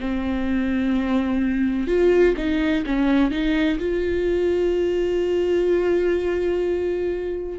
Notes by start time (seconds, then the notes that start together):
0.00 C4
1.87 F4
2.37 D#4
2.86 C#4
3.31 D#4
3.79 F4